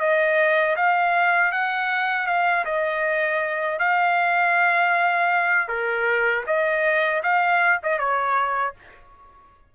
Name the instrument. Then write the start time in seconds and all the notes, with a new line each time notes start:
trumpet
0.00 D#5
0.76 F5
1.52 F#5
2.26 F5
2.65 D#5
3.79 F5
5.68 A#4
6.46 D#5
7.23 F5
7.83 D#5
7.99 C#5